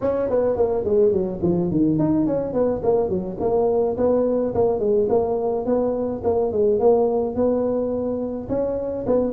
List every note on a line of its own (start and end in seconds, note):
0.01 0.29 C#4
0.29 0.56 B3
0.56 0.84 A#3
0.84 1.11 G#3
1.11 1.40 F#3
1.42 1.70 F3
1.70 1.98 D#3
1.98 2.26 D#4
2.26 2.53 C#4
2.53 2.81 B3
2.83 3.08 A#3
3.08 3.37 F#3
3.40 3.96 A#3
3.97 4.54 B3
4.54 4.79 A#3
4.79 5.08 G#3
5.09 5.65 A#3
5.65 6.22 B3
6.24 6.51 A#3
6.51 6.79 G#3
6.79 7.35 A#3
7.35 8.48 B3
8.49 9.05 C#4
9.06 9.32 B3